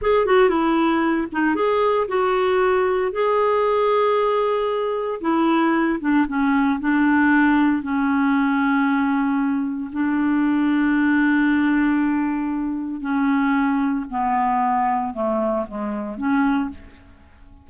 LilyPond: \new Staff \with { instrumentName = "clarinet" } { \time 4/4 \tempo 4 = 115 gis'8 fis'8 e'4. dis'8 gis'4 | fis'2 gis'2~ | gis'2 e'4. d'8 | cis'4 d'2 cis'4~ |
cis'2. d'4~ | d'1~ | d'4 cis'2 b4~ | b4 a4 gis4 cis'4 | }